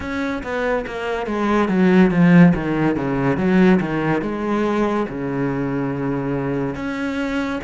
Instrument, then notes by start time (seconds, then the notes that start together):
cello
0.00 C#4
0.43 B3
0.86 A#3
1.26 G#3
1.68 F#3
2.10 F3
2.54 D#3
2.96 C#3
3.37 F#3
3.80 D#3
4.21 G#3
5.08 C#3
6.75 C#4